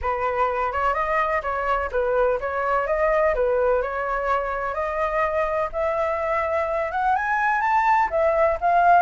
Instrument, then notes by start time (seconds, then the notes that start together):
flute
0.01 B4
0.72 C#5
0.94 D#5
1.42 C#5
1.91 B4
2.40 C#5
2.86 D#5
3.35 B4
3.81 C#5
4.74 D#5
5.72 E5
6.91 F#5
7.15 G#5
7.61 A5
8.10 E5
8.60 F5